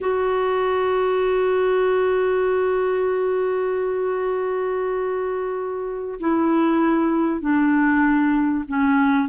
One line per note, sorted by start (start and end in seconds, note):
0.00 6.19 F#4
6.20 7.40 E4
7.40 8.64 D4
8.68 9.28 C#4